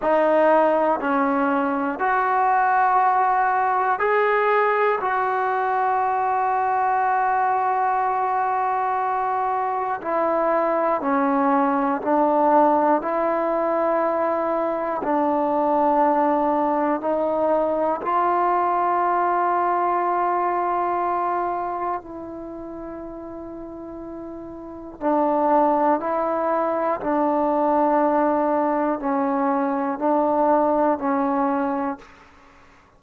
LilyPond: \new Staff \with { instrumentName = "trombone" } { \time 4/4 \tempo 4 = 60 dis'4 cis'4 fis'2 | gis'4 fis'2.~ | fis'2 e'4 cis'4 | d'4 e'2 d'4~ |
d'4 dis'4 f'2~ | f'2 e'2~ | e'4 d'4 e'4 d'4~ | d'4 cis'4 d'4 cis'4 | }